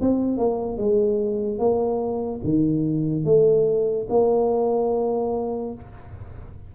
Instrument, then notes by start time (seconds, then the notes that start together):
tuba
0.00 C4
0.37 A#3
0.77 G#3
1.58 A#3
2.43 D#3
3.25 A3
4.09 A#3